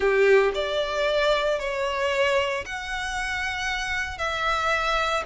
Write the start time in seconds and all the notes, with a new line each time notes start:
0.00 G4
0.54 D5
1.59 C#5
2.65 F#5
4.18 E5